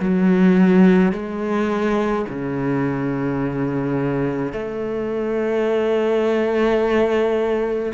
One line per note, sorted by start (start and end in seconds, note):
0.00 1.12 F#3
1.12 2.25 G#3
2.29 4.53 C#3
4.53 7.92 A3